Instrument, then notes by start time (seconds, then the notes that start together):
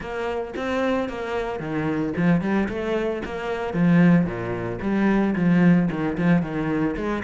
cello
0.00 A#3
0.56 C4
1.08 A#3
1.59 D#3
2.16 F3
2.41 G3
2.68 A3
3.24 A#3
3.73 F3
4.25 A#2
4.81 G3
5.35 F3
5.90 D#3
6.17 F3
6.42 D#3
6.96 G#3